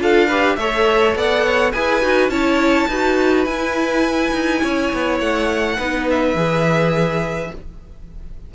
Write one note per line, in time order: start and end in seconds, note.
0.00 0.57 D4
0.00 0.29 F4
0.00 0.28 A4
0.00 0.56 F5
0.28 0.59 G4
0.28 0.56 B4
0.56 1.15 A3
0.56 1.74 A4
0.56 1.17 C#5
0.56 1.14 E5
1.16 1.73 B3
1.16 1.44 D5
1.16 1.72 F#5
1.44 1.73 C#5
1.72 2.03 E4
1.72 2.02 G#4
1.72 2.31 B4
1.72 2.30 G#5
2.02 2.29 D#4
2.02 2.31 F#4
2.29 2.87 C#4
2.29 2.89 E4
2.29 2.88 C#5
2.29 3.45 A5
2.88 3.46 D#4
2.88 3.47 F#4
2.88 4.62 B4
3.45 4.33 E4
3.45 5.78 E4
3.45 5.18 G#5
4.33 4.62 D#4
4.62 4.93 C#4
4.62 5.78 C#5
4.94 5.20 B3
5.20 5.78 A3
5.20 6.07 F#5
5.78 6.35 B3
5.78 6.36 D#4
5.78 7.51 B4
6.10 7.55 E5
6.35 7.50 E3
6.35 7.52 G#4